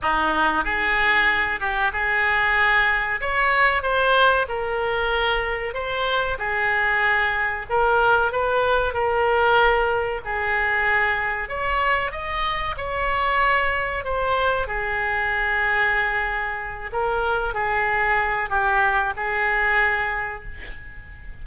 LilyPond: \new Staff \with { instrumentName = "oboe" } { \time 4/4 \tempo 4 = 94 dis'4 gis'4. g'8 gis'4~ | gis'4 cis''4 c''4 ais'4~ | ais'4 c''4 gis'2 | ais'4 b'4 ais'2 |
gis'2 cis''4 dis''4 | cis''2 c''4 gis'4~ | gis'2~ gis'8 ais'4 gis'8~ | gis'4 g'4 gis'2 | }